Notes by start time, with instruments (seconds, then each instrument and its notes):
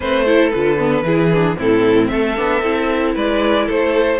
0.00 cello A3, viola C4, violin B4 C5
0.25 viola E4, violin A4
0.49 cello D3, viola F4, violin B4
0.78 viola B3
1.03 cello E3, viola E4, violin G#4
1.34 viola D4
1.56 cello A2, viola C4, violin E4 A4
2.07 cello A3, violin A4 E5
2.36 cello B3, viola D4
2.62 cello C4, viola E4
3.14 cello G#3, violin B4 D5
3.66 cello A3, violin A4 C5